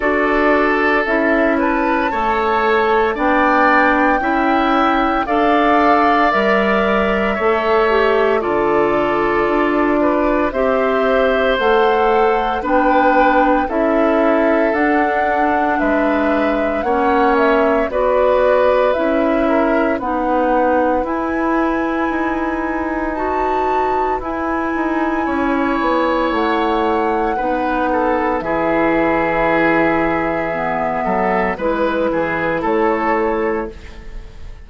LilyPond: <<
  \new Staff \with { instrumentName = "flute" } { \time 4/4 \tempo 4 = 57 d''4 e''8 a''4. g''4~ | g''4 f''4 e''2 | d''2 e''4 fis''4 | g''4 e''4 fis''4 e''4 |
fis''8 e''8 d''4 e''4 fis''4 | gis''2 a''4 gis''4~ | gis''4 fis''2 e''4~ | e''2 b'4 cis''4 | }
  \new Staff \with { instrumentName = "oboe" } { \time 4/4 a'4. b'8 cis''4 d''4 | e''4 d''2 cis''4 | a'4. b'8 c''2 | b'4 a'2 b'4 |
cis''4 b'4. ais'8 b'4~ | b'1 | cis''2 b'8 a'8 gis'4~ | gis'4. a'8 b'8 gis'8 a'4 | }
  \new Staff \with { instrumentName = "clarinet" } { \time 4/4 fis'4 e'4 a'4 d'4 | e'4 a'4 ais'4 a'8 g'8 | f'2 g'4 a'4 | d'4 e'4 d'2 |
cis'4 fis'4 e'4 dis'4 | e'2 fis'4 e'4~ | e'2 dis'4 e'4~ | e'4 b4 e'2 | }
  \new Staff \with { instrumentName = "bassoon" } { \time 4/4 d'4 cis'4 a4 b4 | cis'4 d'4 g4 a4 | d4 d'4 c'4 a4 | b4 cis'4 d'4 gis4 |
ais4 b4 cis'4 b4 | e'4 dis'2 e'8 dis'8 | cis'8 b8 a4 b4 e4~ | e4. fis8 gis8 e8 a4 | }
>>